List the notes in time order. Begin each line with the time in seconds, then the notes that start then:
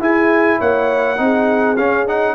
0.00 E4 G#4 G#5
0.58 A#3 C#5 F#5
1.17 C4 D#4 G#4
1.77 C#4 F5
2.07 D#4 F#5